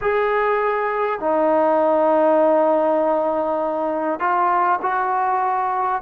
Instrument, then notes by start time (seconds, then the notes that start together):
trombone
0.01 G#4
1.19 D#4
4.19 F4
4.82 F#4